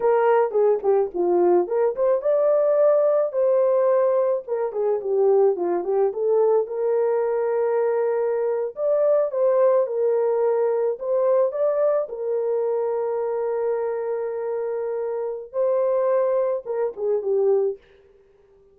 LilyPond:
\new Staff \with { instrumentName = "horn" } { \time 4/4 \tempo 4 = 108 ais'4 gis'8 g'8 f'4 ais'8 c''8 | d''2 c''2 | ais'8 gis'8 g'4 f'8 g'8 a'4 | ais'2.~ ais'8. d''16~ |
d''8. c''4 ais'2 c''16~ | c''8. d''4 ais'2~ ais'16~ | ais'1 | c''2 ais'8 gis'8 g'4 | }